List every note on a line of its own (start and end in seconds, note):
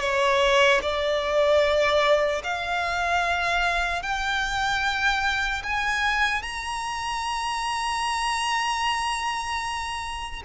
0.00 0.80 C#5
0.82 2.42 D5
2.44 4.02 F5
4.02 5.62 G5
5.63 6.42 G#5
6.42 10.42 A#5